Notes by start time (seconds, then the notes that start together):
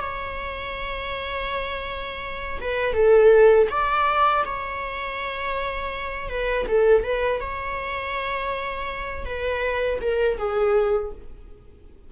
0.00 C#5
2.60 B4
2.93 A4
3.70 D5
4.45 C#5
6.29 B4
6.68 A4
7.03 B4
7.40 C#5
9.25 B4
10.01 A#4
10.38 G#4